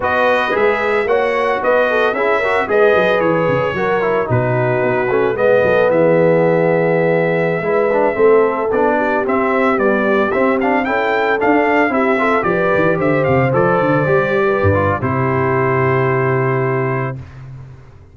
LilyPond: <<
  \new Staff \with { instrumentName = "trumpet" } { \time 4/4 \tempo 4 = 112 dis''4 e''4 fis''4 dis''4 | e''4 dis''4 cis''2 | b'2 dis''4 e''4~ | e''1~ |
e''16 d''4 e''4 d''4 e''8 f''16~ | f''16 g''4 f''4 e''4 d''8.~ | d''16 e''8 f''8 d''2~ d''8. | c''1 | }
  \new Staff \with { instrumentName = "horn" } { \time 4/4 b'2 cis''4 b'8 a'8 | gis'8 ais'8 b'2 ais'4 | fis'2 b'8 a'8 gis'4~ | gis'2~ gis'16 b'4 a'8.~ |
a'8. g'2.~ g'16~ | g'16 a'2 g'8 a'8 b'8.~ | b'16 c''2~ c''8. b'4 | g'1 | }
  \new Staff \with { instrumentName = "trombone" } { \time 4/4 fis'4 gis'4 fis'2 | e'8 fis'8 gis'2 fis'8 e'8 | dis'4. cis'8 b2~ | b2~ b16 e'8 d'8 c'8.~ |
c'16 d'4 c'4 g4 c'8 d'16~ | d'16 e'4 d'4 e'8 f'8 g'8.~ | g'4~ g'16 a'4 g'4~ g'16 f'8 | e'1 | }
  \new Staff \with { instrumentName = "tuba" } { \time 4/4 b4 gis4 ais4 b4 | cis'4 gis8 fis8 e8 cis8 fis4 | b,4 b8 a8 gis8 fis8 e4~ | e2~ e16 gis4 a8.~ |
a16 b4 c'4 b4 c'8.~ | c'16 cis'4 d'4 c'4 f8 e16~ | e16 d8 c8 f8 d8 g4 g,8. | c1 | }
>>